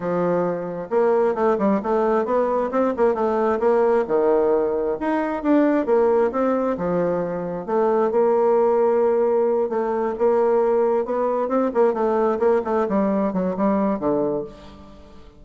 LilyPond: \new Staff \with { instrumentName = "bassoon" } { \time 4/4 \tempo 4 = 133 f2 ais4 a8 g8 | a4 b4 c'8 ais8 a4 | ais4 dis2 dis'4 | d'4 ais4 c'4 f4~ |
f4 a4 ais2~ | ais4. a4 ais4.~ | ais8 b4 c'8 ais8 a4 ais8 | a8 g4 fis8 g4 d4 | }